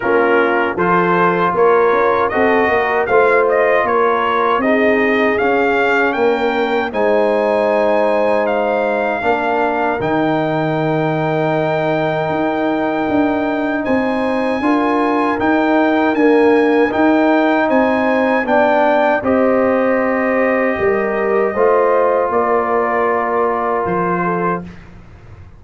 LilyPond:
<<
  \new Staff \with { instrumentName = "trumpet" } { \time 4/4 \tempo 4 = 78 ais'4 c''4 cis''4 dis''4 | f''8 dis''8 cis''4 dis''4 f''4 | g''4 gis''2 f''4~ | f''4 g''2.~ |
g''2 gis''2 | g''4 gis''4 g''4 gis''4 | g''4 dis''2.~ | dis''4 d''2 c''4 | }
  \new Staff \with { instrumentName = "horn" } { \time 4/4 f'4 a'4 ais'4 a'8 ais'8 | c''4 ais'4 gis'2 | ais'4 c''2. | ais'1~ |
ais'2 c''4 ais'4~ | ais'2. c''4 | d''4 c''2 ais'4 | c''4 ais'2~ ais'8 a'8 | }
  \new Staff \with { instrumentName = "trombone" } { \time 4/4 cis'4 f'2 fis'4 | f'2 dis'4 cis'4~ | cis'4 dis'2. | d'4 dis'2.~ |
dis'2. f'4 | dis'4 ais4 dis'2 | d'4 g'2. | f'1 | }
  \new Staff \with { instrumentName = "tuba" } { \time 4/4 ais4 f4 ais8 cis'8 c'8 ais8 | a4 ais4 c'4 cis'4 | ais4 gis2. | ais4 dis2. |
dis'4 d'4 c'4 d'4 | dis'4 d'4 dis'4 c'4 | b4 c'2 g4 | a4 ais2 f4 | }
>>